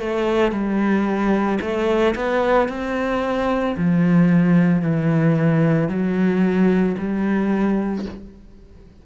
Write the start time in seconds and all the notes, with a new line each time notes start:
0.00 A3
0.52 G3
1.61 A3
2.16 B3
2.69 C4
3.77 F3
4.82 E3
5.89 F#3
6.98 G3